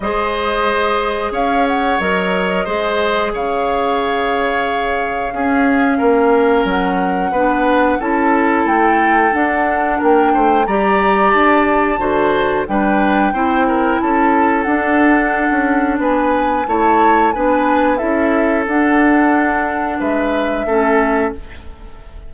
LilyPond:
<<
  \new Staff \with { instrumentName = "flute" } { \time 4/4 \tempo 4 = 90 dis''2 f''8 fis''8 dis''4~ | dis''4 f''2.~ | f''2 fis''2 | a''4 g''4 fis''4 g''4 |
ais''4 a''2 g''4~ | g''4 a''4 fis''2 | gis''4 a''4 gis''4 e''4 | fis''2 e''2 | }
  \new Staff \with { instrumentName = "oboe" } { \time 4/4 c''2 cis''2 | c''4 cis''2. | gis'4 ais'2 b'4 | a'2. ais'8 c''8 |
d''2 c''4 b'4 | c''8 ais'8 a'2. | b'4 cis''4 b'4 a'4~ | a'2 b'4 a'4 | }
  \new Staff \with { instrumentName = "clarinet" } { \time 4/4 gis'2. ais'4 | gis'1 | cis'2. d'4 | e'2 d'2 |
g'2 fis'4 d'4 | e'2 d'2~ | d'4 e'4 d'4 e'4 | d'2. cis'4 | }
  \new Staff \with { instrumentName = "bassoon" } { \time 4/4 gis2 cis'4 fis4 | gis4 cis2. | cis'4 ais4 fis4 b4 | cis'4 a4 d'4 ais8 a8 |
g4 d'4 d4 g4 | c'4 cis'4 d'4~ d'16 cis'8. | b4 a4 b4 cis'4 | d'2 gis4 a4 | }
>>